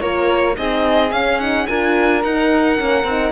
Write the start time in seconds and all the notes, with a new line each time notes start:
0.00 A#3 F4 A#4 C#5
0.56 C4 D#4 G#4 D#5
1.10 C#4 F5
1.39 D#4 F#5
1.66 D4 F4 A#4 G#5
2.23 D#4 F#5
2.77 A#3 C#4
3.04 C4 D#4